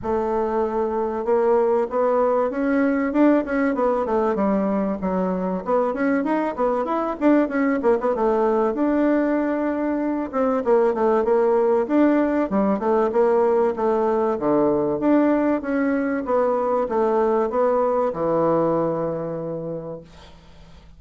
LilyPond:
\new Staff \with { instrumentName = "bassoon" } { \time 4/4 \tempo 4 = 96 a2 ais4 b4 | cis'4 d'8 cis'8 b8 a8 g4 | fis4 b8 cis'8 dis'8 b8 e'8 d'8 | cis'8 ais16 b16 a4 d'2~ |
d'8 c'8 ais8 a8 ais4 d'4 | g8 a8 ais4 a4 d4 | d'4 cis'4 b4 a4 | b4 e2. | }